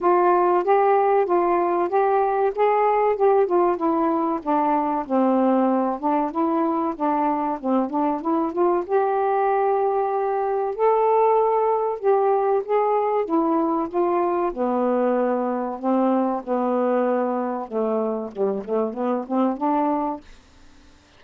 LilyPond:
\new Staff \with { instrumentName = "saxophone" } { \time 4/4 \tempo 4 = 95 f'4 g'4 f'4 g'4 | gis'4 g'8 f'8 e'4 d'4 | c'4. d'8 e'4 d'4 | c'8 d'8 e'8 f'8 g'2~ |
g'4 a'2 g'4 | gis'4 e'4 f'4 b4~ | b4 c'4 b2 | a4 g8 a8 b8 c'8 d'4 | }